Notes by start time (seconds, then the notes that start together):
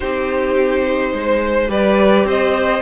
0.00 C4 D#4 G4 C5
1.12 G#3 C5
1.67 G3 G4 B4 D5
2.24 C4 C5 D#5